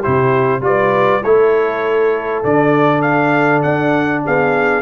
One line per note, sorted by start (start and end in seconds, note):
0.00 0.62 E4
0.00 0.60 G4
0.00 0.63 C5
0.07 0.61 C3
0.61 1.21 G3
0.61 1.22 F4
0.61 1.25 B4
0.61 1.24 D5
1.24 2.44 A3
1.24 2.45 E4
1.24 4.25 A4
1.24 2.44 C#5
2.44 3.65 D3
2.44 4.83 D4
2.44 3.02 D5
3.02 3.62 F5
3.63 4.25 D4
3.63 4.23 F#5
4.25 4.83 B3
4.25 4.83 G#4
4.25 4.83 F5